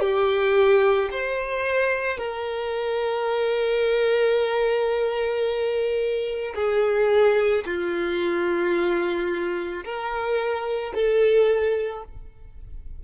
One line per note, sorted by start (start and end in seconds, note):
0.00 1.09 G4
1.11 2.17 C5
2.17 6.54 A#4
6.55 7.64 G#4
7.65 9.83 F4
9.84 10.93 A#4
10.94 12.03 A4